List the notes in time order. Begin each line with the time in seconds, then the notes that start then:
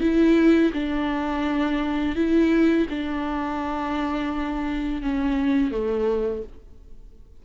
0.00 E4
0.73 D4
2.15 E4
2.90 D4
5.02 C#4
5.71 A3